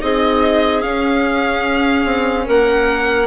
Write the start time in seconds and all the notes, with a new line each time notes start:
0.00 C4 D#4 G#4 D#5
0.81 C#4 F5
2.05 C4
2.46 A#3 A#4 F#5